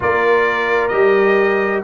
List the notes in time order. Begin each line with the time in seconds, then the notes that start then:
0.00 A#3 F4 A#4 D5
0.87 G3 G4 D#5